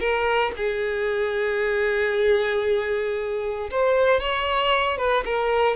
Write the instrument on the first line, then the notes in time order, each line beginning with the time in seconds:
violin
0.00 A#4
0.57 G#4
3.71 C5
4.20 C#5
4.98 B4
5.25 A#4